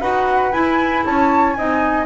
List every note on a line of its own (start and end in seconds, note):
0.00 0.52 D#4
0.00 0.52 F#4
0.00 1.04 B4
0.00 0.52 F#5
0.52 1.55 E4
0.52 1.04 E4
0.52 1.04 G#5
1.05 1.57 C#4
1.05 1.57 C#5
1.05 1.53 A5
1.53 2.05 C4
1.53 2.05 D#4
1.53 2.05 D#5
1.53 2.04 G#5